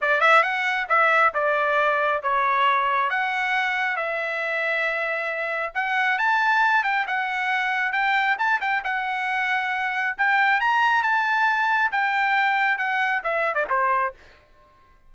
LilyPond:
\new Staff \with { instrumentName = "trumpet" } { \time 4/4 \tempo 4 = 136 d''8 e''8 fis''4 e''4 d''4~ | d''4 cis''2 fis''4~ | fis''4 e''2.~ | e''4 fis''4 a''4. g''8 |
fis''2 g''4 a''8 g''8 | fis''2. g''4 | ais''4 a''2 g''4~ | g''4 fis''4 e''8. d''16 c''4 | }